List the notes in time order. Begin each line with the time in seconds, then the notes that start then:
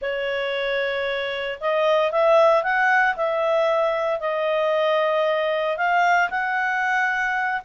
0.01 C#5
1.60 D#5
2.11 E5
2.63 F#5
3.16 E5
4.20 D#5
5.77 F5
6.30 F#5